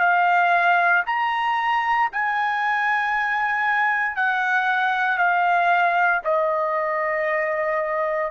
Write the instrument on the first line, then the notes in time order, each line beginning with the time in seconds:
trumpet
0.00 F5
1.06 A#5
2.13 G#5
4.17 F#5
5.18 F5
6.24 D#5